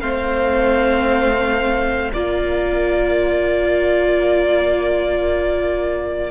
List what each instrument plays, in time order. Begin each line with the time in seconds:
0.00 cello A3, viola C4, violin C5 F5
2.12 cello A#3, viola F4, violin A#4 D5